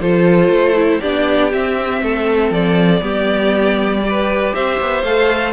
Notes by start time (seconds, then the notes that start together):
0.00 F3 F4 A4 C5
0.48 A3
0.76 E4
1.01 B3 D4 G4 D5
1.51 C4 E5
2.02 A3 A4
2.50 F3 D5
3.01 G3 B3 G4
4.03 G4 B4
4.54 C4 C5 E5
4.80 B3
5.03 A3 A4 F5